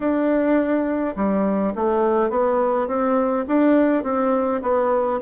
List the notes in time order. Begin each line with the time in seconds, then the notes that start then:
0.00 D4
1.15 G3
1.75 A3
2.30 B3
2.87 C4
3.47 D4
4.03 C4
4.62 B3